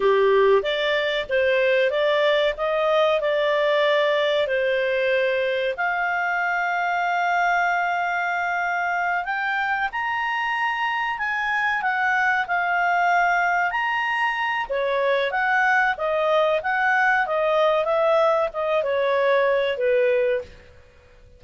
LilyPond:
\new Staff \with { instrumentName = "clarinet" } { \time 4/4 \tempo 4 = 94 g'4 d''4 c''4 d''4 | dis''4 d''2 c''4~ | c''4 f''2.~ | f''2~ f''8 g''4 ais''8~ |
ais''4. gis''4 fis''4 f''8~ | f''4. ais''4. cis''4 | fis''4 dis''4 fis''4 dis''4 | e''4 dis''8 cis''4. b'4 | }